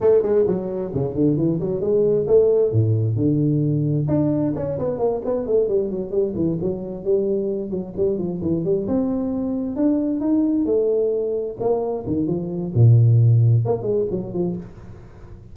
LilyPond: \new Staff \with { instrumentName = "tuba" } { \time 4/4 \tempo 4 = 132 a8 gis8 fis4 cis8 d8 e8 fis8 | gis4 a4 a,4 d4~ | d4 d'4 cis'8 b8 ais8 b8 | a8 g8 fis8 g8 e8 fis4 g8~ |
g4 fis8 g8 f8 e8 g8 c'8~ | c'4. d'4 dis'4 a8~ | a4. ais4 dis8 f4 | ais,2 ais8 gis8 fis8 f8 | }